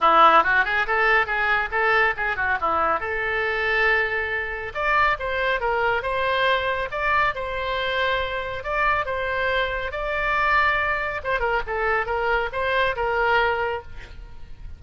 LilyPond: \new Staff \with { instrumentName = "oboe" } { \time 4/4 \tempo 4 = 139 e'4 fis'8 gis'8 a'4 gis'4 | a'4 gis'8 fis'8 e'4 a'4~ | a'2. d''4 | c''4 ais'4 c''2 |
d''4 c''2. | d''4 c''2 d''4~ | d''2 c''8 ais'8 a'4 | ais'4 c''4 ais'2 | }